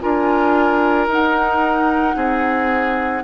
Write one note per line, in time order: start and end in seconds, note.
0.00 1.07 D4
0.00 1.07 F4
0.00 2.16 A#4
0.00 1.07 G#5
1.07 2.14 D#4
1.07 3.23 D#4
1.07 3.23 F#5
2.15 3.23 C4
2.15 3.23 G#4